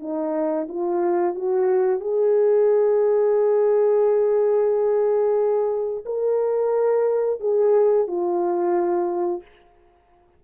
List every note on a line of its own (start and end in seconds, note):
0.00 0.67 D#4
0.69 1.35 F4
1.35 2.00 F#4
2.00 6.05 G#4
6.06 7.40 A#4
7.40 8.08 G#4
8.08 9.43 F4